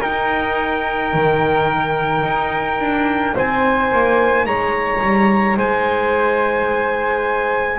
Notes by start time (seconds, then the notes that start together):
0.00 D#4 A#4 G5
1.13 D#3
2.23 D#4
2.78 D4
3.35 C4 C5 G#5
3.92 A#3
4.46 G#3 C#5 A#5
5.02 G3
5.57 G#3 C5 G#5